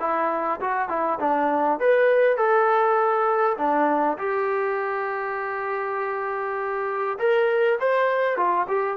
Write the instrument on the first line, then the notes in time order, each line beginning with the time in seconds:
trombone
0.00 E4
0.61 F#4
0.89 E4
1.19 D4
1.79 B4
2.37 A4
3.58 D4
4.18 G4
7.19 A#4
7.80 C5
8.37 F4
8.68 G4